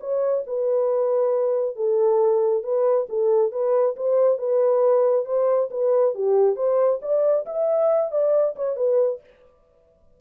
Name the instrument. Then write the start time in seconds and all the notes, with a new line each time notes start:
horn
0.00 C#5
0.46 B4
1.76 A4
2.63 B4
3.09 A4
3.51 B4
3.96 C5
4.38 B4
5.25 C5
5.71 B4
6.15 G4
6.56 C5
7.02 D5
7.46 E5
8.11 D5
8.56 C#5
8.76 B4